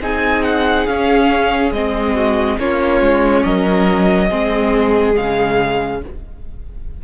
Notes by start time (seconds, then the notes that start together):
0.00 C4 D#4 G#4 G#5
0.44 F#5
0.86 C#4 F5
1.72 G#3 C4 D#5
2.14 F#4
2.58 A#3 C#4 F4 C#5
3.01 G#3
3.43 F#3 A#4 D#5
4.28 G#3 C4 G#4
5.14 C#3 G#3 F5